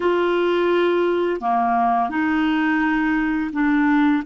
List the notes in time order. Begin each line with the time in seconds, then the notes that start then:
0.00 F4
1.41 A#3
2.09 D#4
3.52 D4